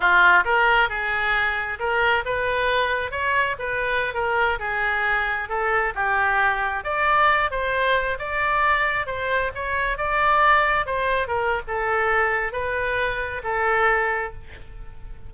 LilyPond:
\new Staff \with { instrumentName = "oboe" } { \time 4/4 \tempo 4 = 134 f'4 ais'4 gis'2 | ais'4 b'2 cis''4 | b'4~ b'16 ais'4 gis'4.~ gis'16~ | gis'16 a'4 g'2 d''8.~ |
d''8. c''4. d''4.~ d''16~ | d''16 c''4 cis''4 d''4.~ d''16~ | d''16 c''4 ais'8. a'2 | b'2 a'2 | }